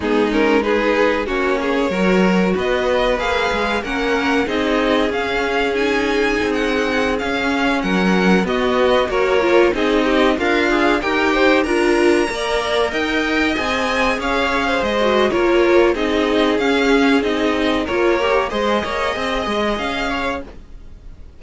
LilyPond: <<
  \new Staff \with { instrumentName = "violin" } { \time 4/4 \tempo 4 = 94 gis'8 ais'8 b'4 cis''2 | dis''4 f''4 fis''4 dis''4 | f''4 gis''4~ gis''16 fis''4 f''8.~ | f''16 fis''4 dis''4 cis''4 dis''8.~ |
dis''16 f''4 g''4 ais''4.~ ais''16~ | ais''16 g''4 gis''4 f''4 dis''8. | cis''4 dis''4 f''4 dis''4 | cis''4 dis''2 f''4 | }
  \new Staff \with { instrumentName = "violin" } { \time 4/4 dis'4 gis'4 fis'8 gis'8 ais'4 | b'2 ais'4 gis'4~ | gis'1~ | gis'16 ais'4 fis'4 ais'4 gis'8 g'16~ |
g'16 f'4 ais'8 c''8 ais'4 d''8.~ | d''16 dis''2 cis''8. c''4 | ais'4 gis'2. | ais'4 c''8 cis''8 dis''4. cis''8 | }
  \new Staff \with { instrumentName = "viola" } { \time 4/4 b8 cis'8 dis'4 cis'4 fis'4~ | fis'4 gis'4 cis'4 dis'4 | cis'4 dis'2~ dis'16 cis'8.~ | cis'4~ cis'16 b4 fis'8 f'8 dis'8.~ |
dis'16 ais'8 gis'8 g'4 f'4 ais'8.~ | ais'4~ ais'16 gis'2~ gis'16 fis'8 | f'4 dis'4 cis'4 dis'4 | f'8 g'8 gis'2. | }
  \new Staff \with { instrumentName = "cello" } { \time 4/4 gis2 ais4 fis4 | b4 ais8 gis8 ais4 c'4 | cis'2 c'4~ c'16 cis'8.~ | cis'16 fis4 b4 ais4 c'8.~ |
c'16 d'4 dis'4 d'4 ais8.~ | ais16 dis'4 c'4 cis'4 gis8. | ais4 c'4 cis'4 c'4 | ais4 gis8 ais8 c'8 gis8 cis'4 | }
>>